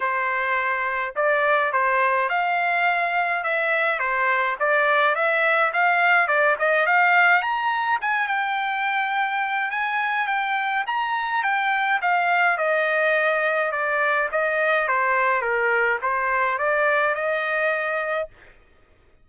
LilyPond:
\new Staff \with { instrumentName = "trumpet" } { \time 4/4 \tempo 4 = 105 c''2 d''4 c''4 | f''2 e''4 c''4 | d''4 e''4 f''4 d''8 dis''8 | f''4 ais''4 gis''8 g''4.~ |
g''4 gis''4 g''4 ais''4 | g''4 f''4 dis''2 | d''4 dis''4 c''4 ais'4 | c''4 d''4 dis''2 | }